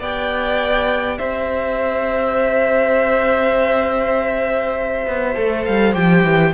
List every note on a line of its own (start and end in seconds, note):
0.00 1.20 B3
0.00 5.36 G4
0.00 1.19 D5
0.00 1.18 G5
1.18 5.06 C4
1.18 6.53 C5
1.18 5.64 E5
5.07 5.37 B3
5.36 5.67 A3
5.36 5.93 A4
5.65 5.96 G3
5.65 5.95 F5
5.93 6.24 F3
5.93 6.53 G4
5.93 6.54 G5
6.24 6.54 E3